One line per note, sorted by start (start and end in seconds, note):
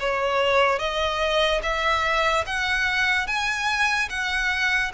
0.00 0.79 C#5
0.79 1.61 D#5
1.63 2.45 E5
2.47 3.27 F#5
3.27 4.09 G#5
4.10 4.92 F#5